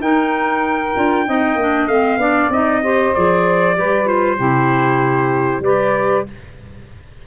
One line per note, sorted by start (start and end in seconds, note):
0.00 0.94 D#4
0.00 0.95 D#4
0.00 1.26 A#4
0.00 1.88 G5
0.95 1.27 D4
0.95 1.26 F4
1.26 1.55 C4
1.26 1.58 D#4
1.26 2.19 D#5
1.55 1.86 A#3
1.55 1.90 D4
1.87 2.17 A3
1.87 2.19 C4
1.87 2.50 F5
2.17 2.48 B3
2.17 2.51 D4
2.17 2.82 D5
2.49 3.12 C4
2.49 2.83 D#4
2.49 3.14 D#5
2.83 3.15 G4
2.83 3.76 C5
3.14 3.79 F3
3.14 3.75 G#4
3.14 4.08 D5
3.75 4.39 G3
3.75 4.05 G4
3.75 4.36 B4
4.05 4.36 F4
4.05 5.64 C5
4.36 5.60 C3
4.36 5.63 E4
4.36 5.61 G4
5.60 6.23 G3
5.60 6.27 G4
5.60 6.26 B4
5.60 6.26 D5